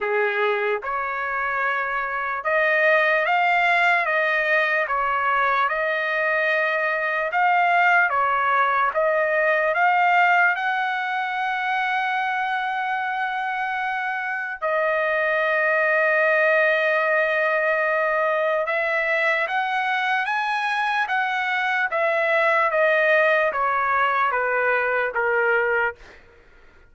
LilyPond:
\new Staff \with { instrumentName = "trumpet" } { \time 4/4 \tempo 4 = 74 gis'4 cis''2 dis''4 | f''4 dis''4 cis''4 dis''4~ | dis''4 f''4 cis''4 dis''4 | f''4 fis''2.~ |
fis''2 dis''2~ | dis''2. e''4 | fis''4 gis''4 fis''4 e''4 | dis''4 cis''4 b'4 ais'4 | }